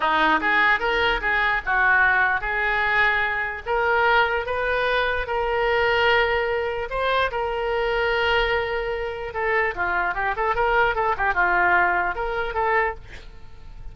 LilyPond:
\new Staff \with { instrumentName = "oboe" } { \time 4/4 \tempo 4 = 148 dis'4 gis'4 ais'4 gis'4 | fis'2 gis'2~ | gis'4 ais'2 b'4~ | b'4 ais'2.~ |
ais'4 c''4 ais'2~ | ais'2. a'4 | f'4 g'8 a'8 ais'4 a'8 g'8 | f'2 ais'4 a'4 | }